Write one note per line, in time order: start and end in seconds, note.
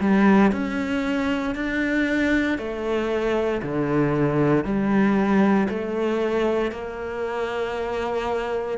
0.00 0.52 G3
0.52 1.55 C#4
1.55 2.58 D4
2.58 3.62 A3
3.63 4.65 D3
4.65 5.68 G3
5.69 6.72 A3
6.72 8.78 A#3